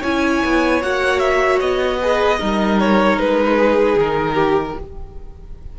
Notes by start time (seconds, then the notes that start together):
0.00 C#4 E4 C#5 G#5
0.45 B3
0.82 A#3 F#4 F#5
1.20 E5
1.61 B3 D#5
2.02 G#4 B4
2.40 G3 D#4 A#4
2.80 C#5
3.18 G#3 B4
3.57 G#4
3.96 D#3 A#4
4.34 G4